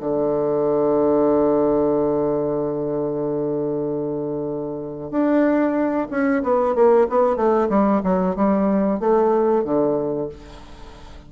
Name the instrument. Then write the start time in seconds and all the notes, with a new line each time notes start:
bassoon
0.00 D3
5.11 D4
6.10 C#4
6.43 B3
6.74 A#3
7.09 B3
7.36 A3
7.69 G3
8.03 F#3
8.35 G3
8.99 A3
9.64 D3